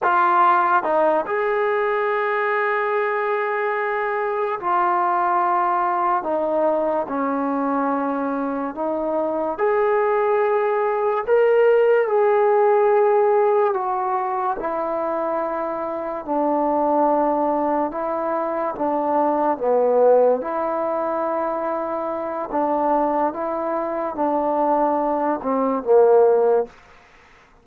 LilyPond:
\new Staff \with { instrumentName = "trombone" } { \time 4/4 \tempo 4 = 72 f'4 dis'8 gis'2~ gis'8~ | gis'4. f'2 dis'8~ | dis'8 cis'2 dis'4 gis'8~ | gis'4. ais'4 gis'4.~ |
gis'8 fis'4 e'2 d'8~ | d'4. e'4 d'4 b8~ | b8 e'2~ e'8 d'4 | e'4 d'4. c'8 ais4 | }